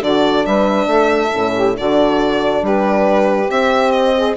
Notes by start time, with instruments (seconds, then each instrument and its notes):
0.00 bassoon D3, horn D4, saxophone F#4, violin D5
0.46 bassoon G3, saxophone B4, violin E5
0.87 bassoon A3, saxophone A4
1.32 bassoon A2, horn C#4
1.54 saxophone G4
1.75 bassoon D3, horn D4, saxophone F#4, violin D5
2.62 bassoon G3, saxophone G4, violin B4
3.50 horn C4, bassoon C4, violin E5
3.91 violin D#5
4.16 saxophone G#4